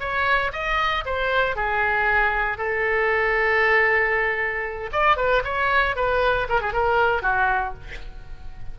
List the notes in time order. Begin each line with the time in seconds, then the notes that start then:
0.00 C#5
0.53 D#5
1.06 C5
1.56 G#4
2.58 A4
4.92 D5
5.17 B4
5.45 C#5
5.96 B4
6.49 A#4
6.61 G#4
6.73 A#4
7.22 F#4